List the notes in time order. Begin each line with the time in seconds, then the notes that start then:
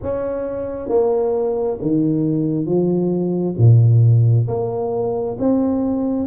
0.02 C#4
0.88 A#3
1.81 D#3
2.65 F3
3.57 A#2
4.47 A#3
5.39 C4